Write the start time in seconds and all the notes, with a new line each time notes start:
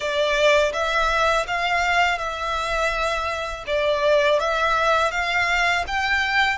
0.00 D5
0.72 E5
1.47 F5
2.18 E5
3.67 D5
4.39 E5
5.11 F5
5.87 G5